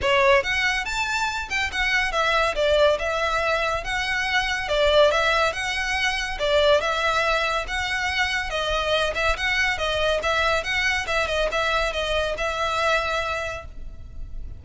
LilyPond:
\new Staff \with { instrumentName = "violin" } { \time 4/4 \tempo 4 = 141 cis''4 fis''4 a''4. g''8 | fis''4 e''4 d''4 e''4~ | e''4 fis''2 d''4 | e''4 fis''2 d''4 |
e''2 fis''2 | dis''4. e''8 fis''4 dis''4 | e''4 fis''4 e''8 dis''8 e''4 | dis''4 e''2. | }